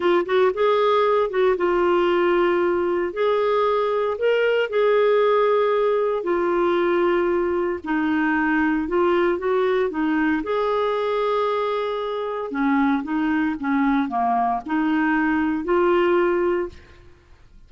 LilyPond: \new Staff \with { instrumentName = "clarinet" } { \time 4/4 \tempo 4 = 115 f'8 fis'8 gis'4. fis'8 f'4~ | f'2 gis'2 | ais'4 gis'2. | f'2. dis'4~ |
dis'4 f'4 fis'4 dis'4 | gis'1 | cis'4 dis'4 cis'4 ais4 | dis'2 f'2 | }